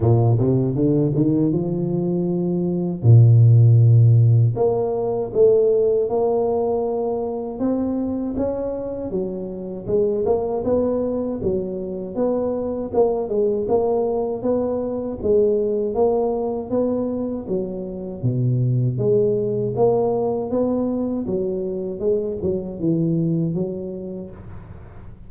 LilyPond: \new Staff \with { instrumentName = "tuba" } { \time 4/4 \tempo 4 = 79 ais,8 c8 d8 dis8 f2 | ais,2 ais4 a4 | ais2 c'4 cis'4 | fis4 gis8 ais8 b4 fis4 |
b4 ais8 gis8 ais4 b4 | gis4 ais4 b4 fis4 | b,4 gis4 ais4 b4 | fis4 gis8 fis8 e4 fis4 | }